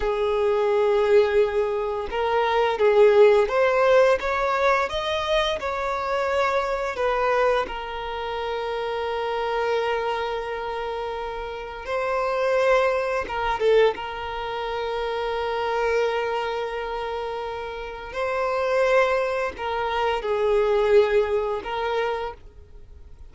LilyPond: \new Staff \with { instrumentName = "violin" } { \time 4/4 \tempo 4 = 86 gis'2. ais'4 | gis'4 c''4 cis''4 dis''4 | cis''2 b'4 ais'4~ | ais'1~ |
ais'4 c''2 ais'8 a'8 | ais'1~ | ais'2 c''2 | ais'4 gis'2 ais'4 | }